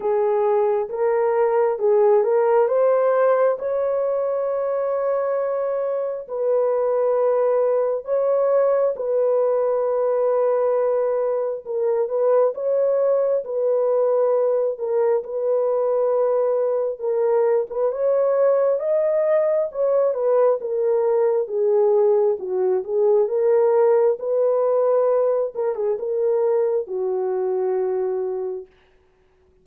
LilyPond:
\new Staff \with { instrumentName = "horn" } { \time 4/4 \tempo 4 = 67 gis'4 ais'4 gis'8 ais'8 c''4 | cis''2. b'4~ | b'4 cis''4 b'2~ | b'4 ais'8 b'8 cis''4 b'4~ |
b'8 ais'8 b'2 ais'8. b'16 | cis''4 dis''4 cis''8 b'8 ais'4 | gis'4 fis'8 gis'8 ais'4 b'4~ | b'8 ais'16 gis'16 ais'4 fis'2 | }